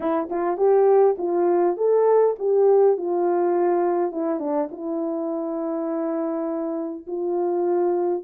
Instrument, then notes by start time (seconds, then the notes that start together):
horn
0.00 E4
0.29 F4
0.57 G4
1.18 F4
1.76 A4
2.38 G4
2.97 F4
4.11 E4
4.39 D4
4.71 E4
7.06 F4